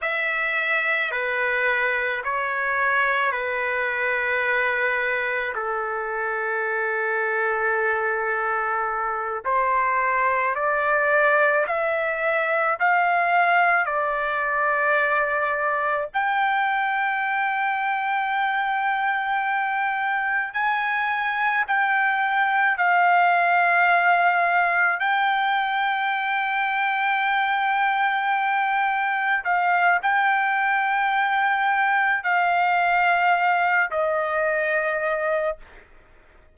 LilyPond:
\new Staff \with { instrumentName = "trumpet" } { \time 4/4 \tempo 4 = 54 e''4 b'4 cis''4 b'4~ | b'4 a'2.~ | a'8 c''4 d''4 e''4 f''8~ | f''8 d''2 g''4.~ |
g''2~ g''8 gis''4 g''8~ | g''8 f''2 g''4.~ | g''2~ g''8 f''8 g''4~ | g''4 f''4. dis''4. | }